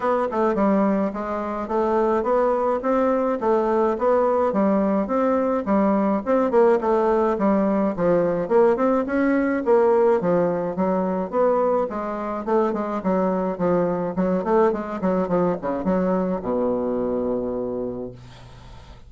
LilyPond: \new Staff \with { instrumentName = "bassoon" } { \time 4/4 \tempo 4 = 106 b8 a8 g4 gis4 a4 | b4 c'4 a4 b4 | g4 c'4 g4 c'8 ais8 | a4 g4 f4 ais8 c'8 |
cis'4 ais4 f4 fis4 | b4 gis4 a8 gis8 fis4 | f4 fis8 a8 gis8 fis8 f8 cis8 | fis4 b,2. | }